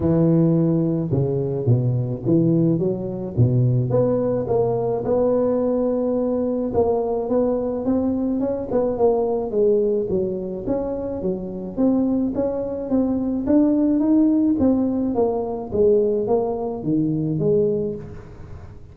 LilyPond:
\new Staff \with { instrumentName = "tuba" } { \time 4/4 \tempo 4 = 107 e2 cis4 b,4 | e4 fis4 b,4 b4 | ais4 b2. | ais4 b4 c'4 cis'8 b8 |
ais4 gis4 fis4 cis'4 | fis4 c'4 cis'4 c'4 | d'4 dis'4 c'4 ais4 | gis4 ais4 dis4 gis4 | }